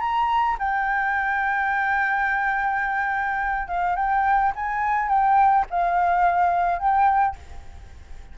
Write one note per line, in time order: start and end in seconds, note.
0.00 0.57 A#5
0.59 3.67 G5
3.67 3.95 F5
3.95 4.52 G5
4.55 5.08 G#5
5.08 5.65 G5
5.70 6.79 F5
6.79 7.35 G5